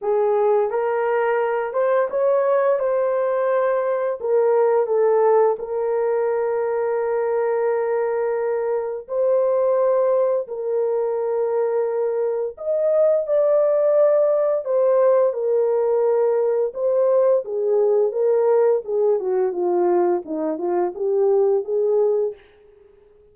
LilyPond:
\new Staff \with { instrumentName = "horn" } { \time 4/4 \tempo 4 = 86 gis'4 ais'4. c''8 cis''4 | c''2 ais'4 a'4 | ais'1~ | ais'4 c''2 ais'4~ |
ais'2 dis''4 d''4~ | d''4 c''4 ais'2 | c''4 gis'4 ais'4 gis'8 fis'8 | f'4 dis'8 f'8 g'4 gis'4 | }